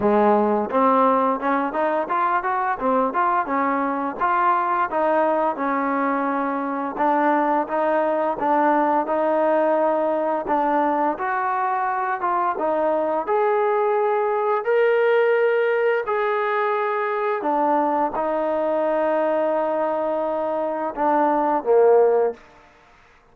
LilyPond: \new Staff \with { instrumentName = "trombone" } { \time 4/4 \tempo 4 = 86 gis4 c'4 cis'8 dis'8 f'8 fis'8 | c'8 f'8 cis'4 f'4 dis'4 | cis'2 d'4 dis'4 | d'4 dis'2 d'4 |
fis'4. f'8 dis'4 gis'4~ | gis'4 ais'2 gis'4~ | gis'4 d'4 dis'2~ | dis'2 d'4 ais4 | }